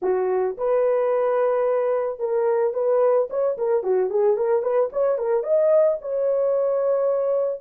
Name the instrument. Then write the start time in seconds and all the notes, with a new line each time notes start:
horn
0.02 F#4
0.57 B4
2.19 A#4
2.73 B4
3.30 C#5
3.57 A#4
3.83 F#4
4.10 G#4
4.37 A#4
4.62 B4
4.92 C#5
5.18 A#4
5.43 D#5
6.01 C#5